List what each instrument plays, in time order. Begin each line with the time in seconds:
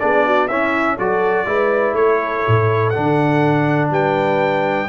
0.00 tuba B3, trombone D4, horn G#4, trumpet D5
0.26 horn F#4
0.48 tuba C#4, trombone C#4, horn E4, trumpet E5
0.98 tuba F#3, trombone F#4, horn A4, trumpet D5
1.46 tuba G#3, trombone E4, horn B4
1.93 tuba A3, horn A4, trumpet C#5
2.48 tuba A2
2.90 trombone D4, trumpet F#5
2.97 tuba D3
3.90 tuba G3, horn B4, trumpet G5